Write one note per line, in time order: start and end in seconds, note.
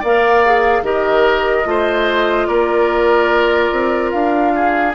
0.00 0.82 A#3
0.00 0.46 A#4
0.00 0.82 D5
0.00 0.85 F5
0.46 0.84 G#4
0.82 1.64 D#3
0.82 1.65 G4
0.82 1.68 A#4
0.82 2.47 D#5
1.65 2.47 A3
1.65 4.93 F4
1.65 2.47 C5
2.47 3.71 A#3
2.47 4.53 A#4
2.47 4.11 D5
3.72 4.13 C4
4.11 4.95 D4
4.11 4.93 F5
4.55 4.95 G#4